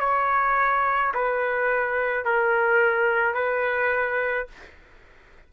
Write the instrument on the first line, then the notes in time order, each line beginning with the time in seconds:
trumpet
0.00 C#5
1.14 B4
2.25 A#4
3.34 B4